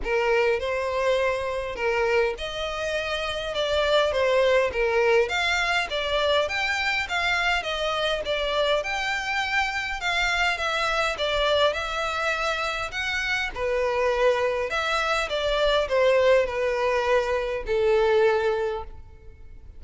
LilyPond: \new Staff \with { instrumentName = "violin" } { \time 4/4 \tempo 4 = 102 ais'4 c''2 ais'4 | dis''2 d''4 c''4 | ais'4 f''4 d''4 g''4 | f''4 dis''4 d''4 g''4~ |
g''4 f''4 e''4 d''4 | e''2 fis''4 b'4~ | b'4 e''4 d''4 c''4 | b'2 a'2 | }